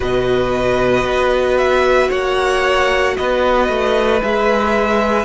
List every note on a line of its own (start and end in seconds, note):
0.00 1.04 B2
0.00 4.20 F#4
0.00 2.09 B4
0.00 1.57 D#5
1.04 2.09 B3
1.57 2.10 E5
2.09 3.16 A#3
2.09 3.14 C#5
2.09 3.16 F#5
3.16 3.68 B3
3.16 5.24 B4
3.16 4.22 D#5
3.68 4.21 A3
4.20 5.24 G#3
4.20 5.24 G#4
4.20 5.24 E5